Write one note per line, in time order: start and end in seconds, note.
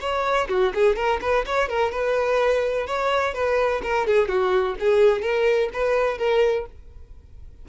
0.00 0.48 C#5
0.49 0.73 F#4
0.74 0.96 G#4
0.96 1.20 A#4
1.21 1.45 B4
1.46 1.69 C#5
1.69 1.91 A#4
1.91 2.87 B4
2.87 3.34 C#5
3.34 3.81 B4
3.82 4.06 A#4
4.06 4.28 G#4
4.28 4.76 F#4
4.79 5.21 G#4
5.21 5.69 A#4
5.73 6.18 B4
6.18 6.65 A#4